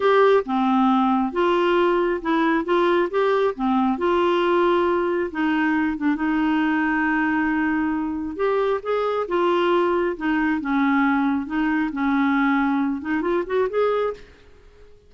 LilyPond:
\new Staff \with { instrumentName = "clarinet" } { \time 4/4 \tempo 4 = 136 g'4 c'2 f'4~ | f'4 e'4 f'4 g'4 | c'4 f'2. | dis'4. d'8 dis'2~ |
dis'2. g'4 | gis'4 f'2 dis'4 | cis'2 dis'4 cis'4~ | cis'4. dis'8 f'8 fis'8 gis'4 | }